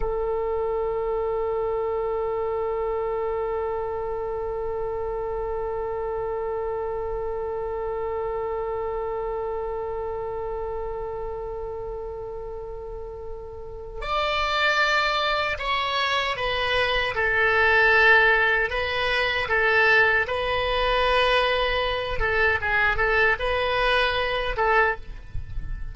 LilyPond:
\new Staff \with { instrumentName = "oboe" } { \time 4/4 \tempo 4 = 77 a'1~ | a'1~ | a'1~ | a'1~ |
a'2 d''2 | cis''4 b'4 a'2 | b'4 a'4 b'2~ | b'8 a'8 gis'8 a'8 b'4. a'8 | }